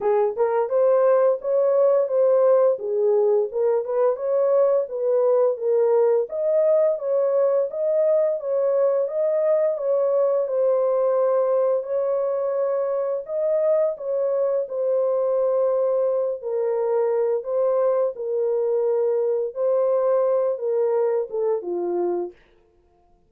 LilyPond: \new Staff \with { instrumentName = "horn" } { \time 4/4 \tempo 4 = 86 gis'8 ais'8 c''4 cis''4 c''4 | gis'4 ais'8 b'8 cis''4 b'4 | ais'4 dis''4 cis''4 dis''4 | cis''4 dis''4 cis''4 c''4~ |
c''4 cis''2 dis''4 | cis''4 c''2~ c''8 ais'8~ | ais'4 c''4 ais'2 | c''4. ais'4 a'8 f'4 | }